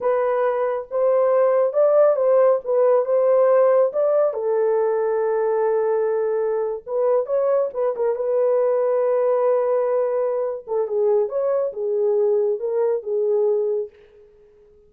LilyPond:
\new Staff \with { instrumentName = "horn" } { \time 4/4 \tempo 4 = 138 b'2 c''2 | d''4 c''4 b'4 c''4~ | c''4 d''4 a'2~ | a'2.~ a'8. b'16~ |
b'8. cis''4 b'8 ais'8 b'4~ b'16~ | b'1~ | b'8 a'8 gis'4 cis''4 gis'4~ | gis'4 ais'4 gis'2 | }